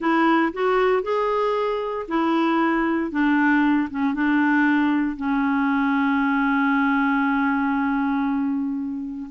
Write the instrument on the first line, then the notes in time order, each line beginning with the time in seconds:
clarinet
0.00 E4
0.53 F#4
1.02 G#4
2.08 E4
3.11 D4
3.90 C#4
4.14 D4
5.16 C#4